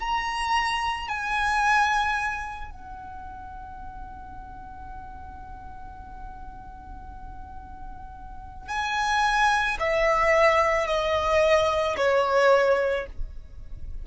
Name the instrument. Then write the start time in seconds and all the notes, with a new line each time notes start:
violin
0.00 A#5
1.08 G#5
2.71 F#5
8.68 G#5
9.80 E5
10.87 D#5
11.97 C#5